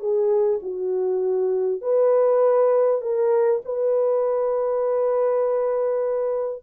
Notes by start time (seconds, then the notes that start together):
0.00 G#4
0.63 F#4
1.82 B4
3.02 A#4
3.65 B4